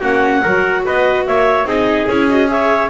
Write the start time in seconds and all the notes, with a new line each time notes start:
0.00 A#3 C#4 F#4 F#5
0.42 F#3 F#4 A#4
0.85 B3 B4 D#5
1.26 A#3 C#5 E5
1.64 C4 D#4 G#4 D#5
2.08 C#4 E4 C#5
2.29 F#4 D#5
2.47 G#4 C#5 E5